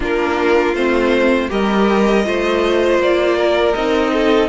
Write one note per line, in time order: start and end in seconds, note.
0.00 0.73 A#3
0.00 0.74 D4
0.00 1.49 F4
0.00 0.74 A#4
0.73 1.48 A3
0.73 1.48 C4
0.73 1.49 C5
1.48 2.26 G3
1.48 2.23 G4
1.48 2.25 A#4
1.48 3.01 D#5
2.25 2.98 A3
2.25 3.75 F4
2.25 3.37 C5
2.98 3.73 A#3
2.98 3.74 D5
3.37 4.12 A#4
3.74 4.49 C4
3.74 4.49 D#4
3.74 4.49 D#5
4.13 4.49 A4